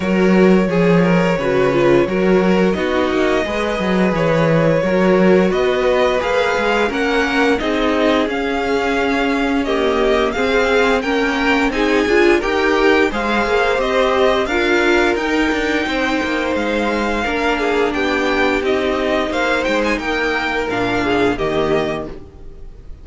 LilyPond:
<<
  \new Staff \with { instrumentName = "violin" } { \time 4/4 \tempo 4 = 87 cis''1 | dis''2 cis''2 | dis''4 f''4 fis''4 dis''4 | f''2 dis''4 f''4 |
g''4 gis''4 g''4 f''4 | dis''4 f''4 g''2 | f''2 g''4 dis''4 | f''8 g''16 gis''16 g''4 f''4 dis''4 | }
  \new Staff \with { instrumentName = "violin" } { \time 4/4 ais'4 gis'8 ais'8 b'4 ais'4 | fis'4 b'2 ais'4 | b'2 ais'4 gis'4~ | gis'2 g'4 gis'4 |
ais'4 gis'4 ais'4 c''4~ | c''4 ais'2 c''4~ | c''4 ais'8 gis'8 g'2 | c''4 ais'4. gis'8 g'4 | }
  \new Staff \with { instrumentName = "viola" } { \time 4/4 fis'4 gis'4 fis'8 f'8 fis'4 | dis'4 gis'2 fis'4~ | fis'4 gis'4 cis'4 dis'4 | cis'2 ais4 c'4 |
cis'4 dis'8 f'8 g'4 gis'4 | g'4 f'4 dis'2~ | dis'4 d'2 dis'4~ | dis'2 d'4 ais4 | }
  \new Staff \with { instrumentName = "cello" } { \time 4/4 fis4 f4 cis4 fis4 | b8 ais8 gis8 fis8 e4 fis4 | b4 ais8 gis8 ais4 c'4 | cis'2. c'4 |
ais4 c'8 d'8 dis'4 gis8 ais8 | c'4 d'4 dis'8 d'8 c'8 ais8 | gis4 ais4 b4 c'4 | ais8 gis8 ais4 ais,4 dis4 | }
>>